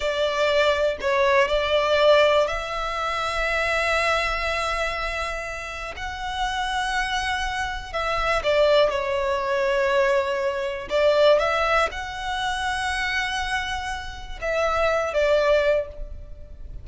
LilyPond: \new Staff \with { instrumentName = "violin" } { \time 4/4 \tempo 4 = 121 d''2 cis''4 d''4~ | d''4 e''2.~ | e''1 | fis''1 |
e''4 d''4 cis''2~ | cis''2 d''4 e''4 | fis''1~ | fis''4 e''4. d''4. | }